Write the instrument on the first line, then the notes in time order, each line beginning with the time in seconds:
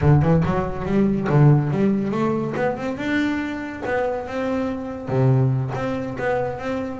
double bass
0.01 D3
0.22 E3
0.45 F#3
0.85 G3
1.29 D3
1.70 G3
2.11 A3
2.56 B3
2.77 C4
2.97 D4
3.85 B3
4.27 C4
5.08 C3
5.74 C4
6.18 B3
6.58 C4